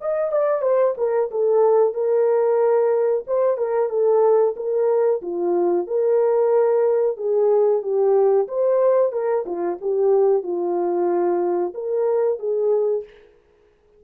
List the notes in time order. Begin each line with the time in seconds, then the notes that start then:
0.00 D#5
0.31 D5
0.62 C5
0.97 A#4
1.30 A4
1.94 A#4
3.27 C5
3.57 A#4
3.89 A4
4.56 A#4
5.21 F4
5.87 A#4
7.17 G#4
7.82 G4
8.48 C5
9.12 A#4
9.45 F4
9.81 G4
10.43 F4
11.74 A#4
12.39 G#4